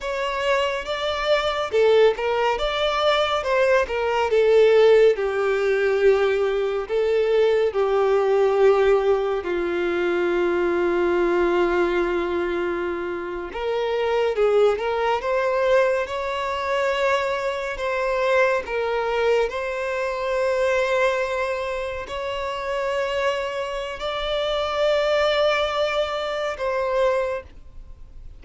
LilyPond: \new Staff \with { instrumentName = "violin" } { \time 4/4 \tempo 4 = 70 cis''4 d''4 a'8 ais'8 d''4 | c''8 ais'8 a'4 g'2 | a'4 g'2 f'4~ | f'2.~ f'8. ais'16~ |
ais'8. gis'8 ais'8 c''4 cis''4~ cis''16~ | cis''8. c''4 ais'4 c''4~ c''16~ | c''4.~ c''16 cis''2~ cis''16 | d''2. c''4 | }